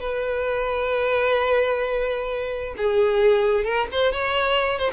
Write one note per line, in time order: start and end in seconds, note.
0.00 2.75 B4
2.77 3.64 G#4
3.64 3.87 A#4
3.91 4.12 C5
4.12 4.79 C#5
4.79 4.90 C5